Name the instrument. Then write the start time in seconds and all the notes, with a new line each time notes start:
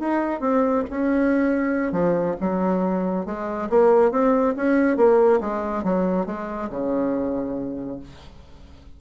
bassoon
0.00 D#4
0.40 C4
0.90 C#4
1.92 F3
2.41 F#3
3.26 G#3
3.70 A#3
4.11 C4
4.57 C#4
4.97 A#3
5.41 G#3
5.84 F#3
6.26 G#3
6.70 C#3